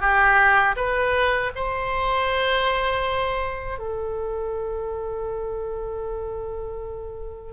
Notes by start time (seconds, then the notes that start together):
0.00 G4
0.76 B4
1.55 C5
3.78 A4